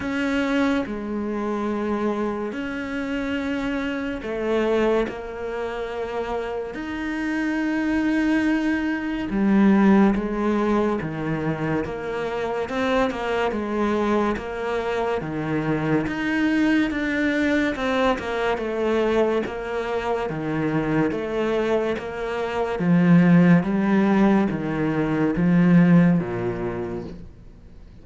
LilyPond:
\new Staff \with { instrumentName = "cello" } { \time 4/4 \tempo 4 = 71 cis'4 gis2 cis'4~ | cis'4 a4 ais2 | dis'2. g4 | gis4 dis4 ais4 c'8 ais8 |
gis4 ais4 dis4 dis'4 | d'4 c'8 ais8 a4 ais4 | dis4 a4 ais4 f4 | g4 dis4 f4 ais,4 | }